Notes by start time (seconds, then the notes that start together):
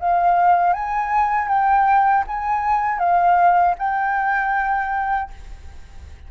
0.00 F5
0.74 G#5
1.48 G5
2.28 G#5
2.99 F5
3.79 G5